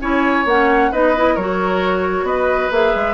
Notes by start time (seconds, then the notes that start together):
0.00 C#4 E4 C#5 G#5
0.45 A#3 C#4 F#5
0.91 B3 D#4 B4 D#5
1.16 E4
1.34 F#3 F#4 A#4 C#5
2.23 B3 B4 D#5
2.71 A#3 G#4 E5
2.94 G#3